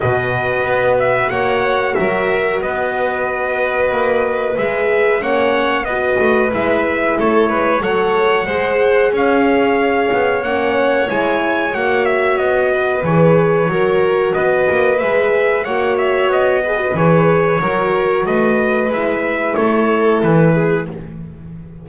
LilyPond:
<<
  \new Staff \with { instrumentName = "trumpet" } { \time 4/4 \tempo 4 = 92 dis''4. e''8 fis''4 e''4 | dis''2. e''4 | fis''4 dis''4 e''4 cis''4 | fis''2 f''2 |
fis''4 gis''4 fis''8 e''8 dis''4 | cis''2 dis''4 e''4 | fis''8 e''8 dis''4 cis''2 | dis''4 e''4 cis''4 b'4 | }
  \new Staff \with { instrumentName = "violin" } { \time 4/4 b'2 cis''4 ais'4 | b'1 | cis''4 b'2 a'8 b'8 | cis''4 c''4 cis''2~ |
cis''2.~ cis''8 b'8~ | b'4 ais'4 b'2 | cis''4. b'4. ais'4 | b'2 a'4. gis'8 | }
  \new Staff \with { instrumentName = "horn" } { \time 4/4 fis'1~ | fis'2. gis'4 | cis'4 fis'4 e'2 | a'4 gis'2. |
cis'4 e'4 fis'2 | gis'4 fis'2 gis'4 | fis'4. gis'16 fis'16 gis'4 fis'4~ | fis'4 e'2. | }
  \new Staff \with { instrumentName = "double bass" } { \time 4/4 b,4 b4 ais4 fis4 | b2 ais4 gis4 | ais4 b8 a8 gis4 a8 gis8 | fis4 gis4 cis'4. b8 |
ais4 gis4 ais4 b4 | e4 fis4 b8 ais8 gis4 | ais4 b4 e4 fis4 | a4 gis4 a4 e4 | }
>>